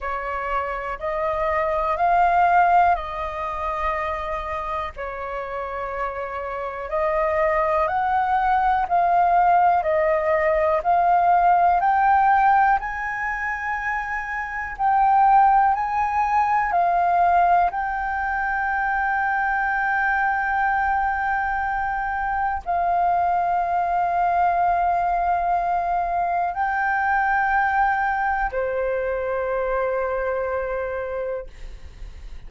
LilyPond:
\new Staff \with { instrumentName = "flute" } { \time 4/4 \tempo 4 = 61 cis''4 dis''4 f''4 dis''4~ | dis''4 cis''2 dis''4 | fis''4 f''4 dis''4 f''4 | g''4 gis''2 g''4 |
gis''4 f''4 g''2~ | g''2. f''4~ | f''2. g''4~ | g''4 c''2. | }